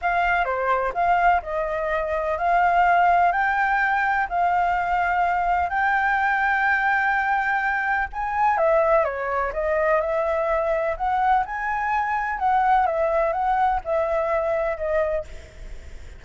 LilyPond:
\new Staff \with { instrumentName = "flute" } { \time 4/4 \tempo 4 = 126 f''4 c''4 f''4 dis''4~ | dis''4 f''2 g''4~ | g''4 f''2. | g''1~ |
g''4 gis''4 e''4 cis''4 | dis''4 e''2 fis''4 | gis''2 fis''4 e''4 | fis''4 e''2 dis''4 | }